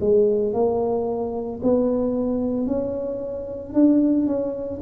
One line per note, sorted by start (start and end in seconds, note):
0.00 0.53 G#3
0.53 1.60 A#3
1.63 2.67 B3
2.67 3.73 C#4
3.73 4.27 D4
4.27 4.80 C#4